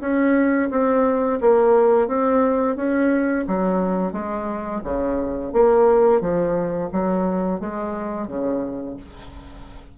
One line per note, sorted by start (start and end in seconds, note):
0.00 0.69 C#4
0.70 1.39 C4
1.40 2.07 A#3
2.07 2.76 C4
2.76 3.45 C#4
3.47 4.12 F#3
4.12 4.81 G#3
4.83 5.52 C#3
5.52 6.20 A#3
6.20 6.89 F3
6.92 7.60 F#3
7.60 8.27 G#3
8.27 8.96 C#3